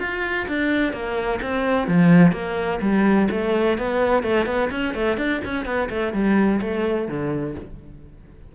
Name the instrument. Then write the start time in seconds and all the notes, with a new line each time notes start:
cello
0.00 F4
0.48 D4
0.93 A#3
1.42 C4
1.88 F3
2.33 A#3
2.82 G3
3.31 A3
3.78 B3
4.23 A3
4.46 B3
4.71 C#4
4.95 A3
5.18 D4
5.45 C#4
5.66 B3
5.90 A3
6.14 G3
6.62 A3
7.08 D3